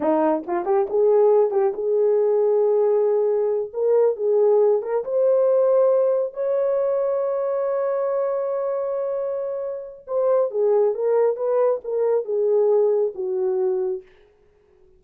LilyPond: \new Staff \with { instrumentName = "horn" } { \time 4/4 \tempo 4 = 137 dis'4 f'8 g'8 gis'4. g'8 | gis'1~ | gis'8 ais'4 gis'4. ais'8 c''8~ | c''2~ c''8 cis''4.~ |
cis''1~ | cis''2. c''4 | gis'4 ais'4 b'4 ais'4 | gis'2 fis'2 | }